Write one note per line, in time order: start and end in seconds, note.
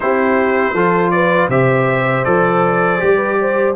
0.00 0.73 C4
0.00 0.75 E4
0.00 0.73 G4
0.00 1.10 C5
0.73 1.48 F3
0.73 1.50 F4
0.73 1.11 A4
1.10 1.50 B4
1.10 1.48 D5
1.48 2.23 C3
1.48 2.24 G4
1.48 3.16 C5
1.48 2.24 E5
2.24 3.01 F3
2.24 2.99 A4
2.24 3.74 D5
2.99 3.75 G3
2.99 3.74 G4
3.16 3.35 B4
3.40 3.75 C5